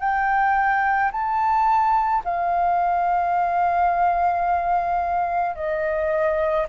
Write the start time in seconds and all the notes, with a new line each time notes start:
0.00 G5
1.12 A5
2.24 F5
5.56 D#5